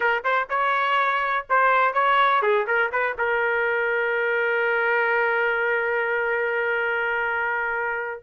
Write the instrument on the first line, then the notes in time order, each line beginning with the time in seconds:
trumpet
0.00 A#4
0.24 C5
0.49 C#5
1.49 C5
1.93 C#5
2.42 G#4
2.67 A#4
2.91 B4
3.17 A#4